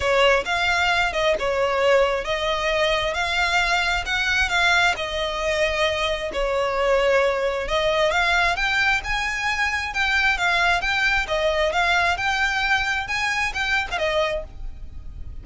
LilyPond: \new Staff \with { instrumentName = "violin" } { \time 4/4 \tempo 4 = 133 cis''4 f''4. dis''8 cis''4~ | cis''4 dis''2 f''4~ | f''4 fis''4 f''4 dis''4~ | dis''2 cis''2~ |
cis''4 dis''4 f''4 g''4 | gis''2 g''4 f''4 | g''4 dis''4 f''4 g''4~ | g''4 gis''4 g''8. f''16 dis''4 | }